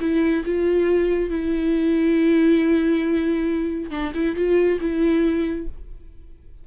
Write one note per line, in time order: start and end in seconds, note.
0.00 0.43 E4
0.45 1.29 F4
1.29 3.90 E4
3.90 4.12 D4
4.14 4.35 E4
4.35 4.79 F4
4.80 5.67 E4